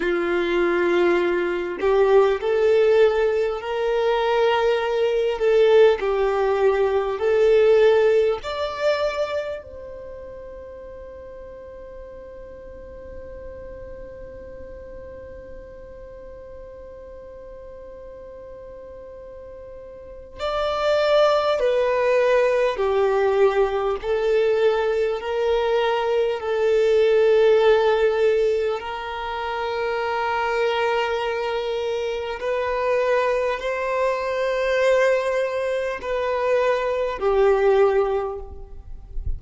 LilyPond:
\new Staff \with { instrumentName = "violin" } { \time 4/4 \tempo 4 = 50 f'4. g'8 a'4 ais'4~ | ais'8 a'8 g'4 a'4 d''4 | c''1~ | c''1~ |
c''4 d''4 b'4 g'4 | a'4 ais'4 a'2 | ais'2. b'4 | c''2 b'4 g'4 | }